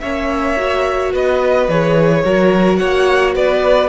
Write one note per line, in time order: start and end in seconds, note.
0.00 1.14 A#3
0.00 0.58 C#4
0.00 1.12 C#5
0.00 1.11 E5
0.58 1.69 F#4
1.12 1.68 B3
1.12 2.23 B4
1.12 1.69 D#5
1.68 2.24 E3
1.68 2.24 G#4
1.68 2.77 C#5
2.24 2.80 F#3
2.24 3.89 F#4
2.24 2.79 A#4
2.77 3.36 A#3
2.77 3.35 C#5
2.77 3.32 F#5
3.35 3.89 B3
3.35 3.89 B4
3.35 3.89 D5